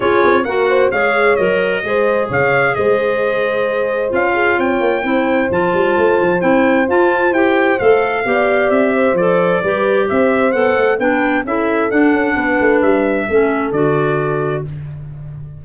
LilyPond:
<<
  \new Staff \with { instrumentName = "trumpet" } { \time 4/4 \tempo 4 = 131 cis''4 fis''4 f''4 dis''4~ | dis''4 f''4 dis''2~ | dis''4 f''4 g''2 | a''2 g''4 a''4 |
g''4 f''2 e''4 | d''2 e''4 fis''4 | g''4 e''4 fis''2 | e''2 d''2 | }
  \new Staff \with { instrumentName = "horn" } { \time 4/4 gis'4 ais'8 c''8 cis''2 | c''4 cis''4 c''2~ | c''4. gis'8 cis''4 c''4~ | c''1~ |
c''2 d''4. c''8~ | c''4 b'4 c''2 | b'4 a'2 b'4~ | b'4 a'2. | }
  \new Staff \with { instrumentName = "clarinet" } { \time 4/4 f'4 fis'4 gis'4 ais'4 | gis'1~ | gis'4 f'2 e'4 | f'2 e'4 f'4 |
g'4 a'4 g'2 | a'4 g'2 a'4 | d'4 e'4 d'2~ | d'4 cis'4 fis'2 | }
  \new Staff \with { instrumentName = "tuba" } { \time 4/4 cis'8 c'8 ais4 gis4 fis4 | gis4 cis4 gis2~ | gis4 cis'4 c'8 ais8 c'4 | f8 g8 a8 f8 c'4 f'4 |
e'4 a4 b4 c'4 | f4 g4 c'4 b8 a8 | b4 cis'4 d'8 cis'8 b8 a8 | g4 a4 d2 | }
>>